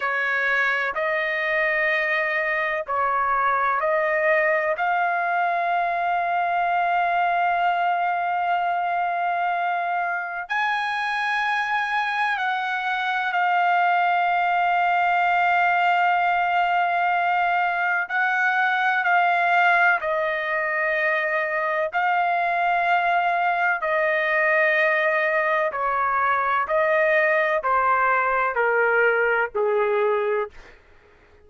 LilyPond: \new Staff \with { instrumentName = "trumpet" } { \time 4/4 \tempo 4 = 63 cis''4 dis''2 cis''4 | dis''4 f''2.~ | f''2. gis''4~ | gis''4 fis''4 f''2~ |
f''2. fis''4 | f''4 dis''2 f''4~ | f''4 dis''2 cis''4 | dis''4 c''4 ais'4 gis'4 | }